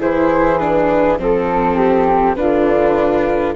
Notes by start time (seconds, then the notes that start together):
0.00 E3 E4 G#4 C5
0.59 D4 B4
1.18 F3 C4 A4
1.76 G4
2.36 D3 D4 F4 B4